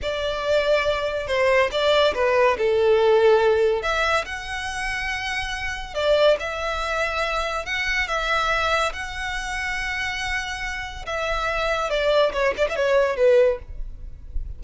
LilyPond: \new Staff \with { instrumentName = "violin" } { \time 4/4 \tempo 4 = 141 d''2. c''4 | d''4 b'4 a'2~ | a'4 e''4 fis''2~ | fis''2 d''4 e''4~ |
e''2 fis''4 e''4~ | e''4 fis''2.~ | fis''2 e''2 | d''4 cis''8 d''16 e''16 cis''4 b'4 | }